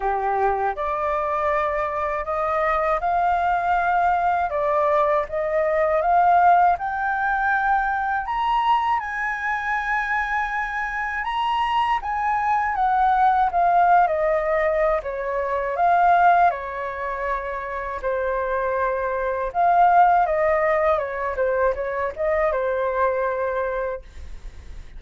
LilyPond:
\new Staff \with { instrumentName = "flute" } { \time 4/4 \tempo 4 = 80 g'4 d''2 dis''4 | f''2 d''4 dis''4 | f''4 g''2 ais''4 | gis''2. ais''4 |
gis''4 fis''4 f''8. dis''4~ dis''16 | cis''4 f''4 cis''2 | c''2 f''4 dis''4 | cis''8 c''8 cis''8 dis''8 c''2 | }